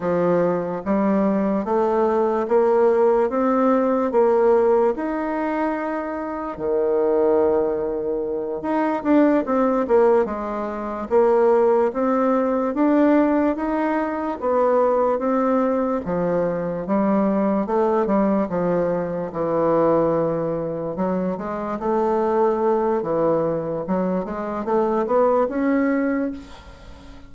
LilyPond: \new Staff \with { instrumentName = "bassoon" } { \time 4/4 \tempo 4 = 73 f4 g4 a4 ais4 | c'4 ais4 dis'2 | dis2~ dis8 dis'8 d'8 c'8 | ais8 gis4 ais4 c'4 d'8~ |
d'8 dis'4 b4 c'4 f8~ | f8 g4 a8 g8 f4 e8~ | e4. fis8 gis8 a4. | e4 fis8 gis8 a8 b8 cis'4 | }